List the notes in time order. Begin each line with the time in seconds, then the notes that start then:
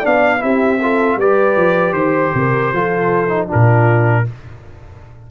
0.00 B3 D4 D5 F5
0.38 C4 E4 G4 E5
0.82 F4 A4
1.16 G3 G4 B4 D5
1.56 F3
1.92 D#3 C5
2.34 C3 A#4
2.72 F3 F4 A4
3.28 D#4
3.47 D4 F4 A#4
3.54 A#2